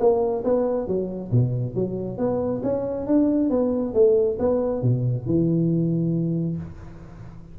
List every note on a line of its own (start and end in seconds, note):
0.00 0.44 A#3
0.44 0.88 B3
0.88 1.31 F#3
1.32 1.75 B2
1.75 2.18 F#3
2.18 2.62 B3
2.63 3.07 C#4
3.07 3.50 D4
3.50 3.94 B3
3.94 4.38 A3
4.39 4.83 B3
4.83 5.26 B2
5.26 6.57 E3